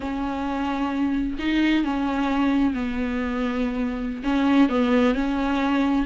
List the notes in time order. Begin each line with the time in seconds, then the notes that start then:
0.00 C#4
1.39 D#4
1.84 C#4
2.74 B3
4.23 C#4
4.69 B3
5.14 C#4